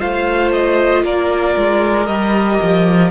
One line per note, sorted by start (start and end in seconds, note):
0.00 1.04 A3
0.00 2.07 F4
0.00 1.03 C5
0.00 0.52 F5
0.53 1.05 D#5
1.04 1.56 A#3
1.04 3.11 A#4
1.04 2.07 D5
1.57 2.08 G#3
2.07 2.60 G3
2.07 3.11 G4
2.07 3.10 D#5
2.63 3.11 F3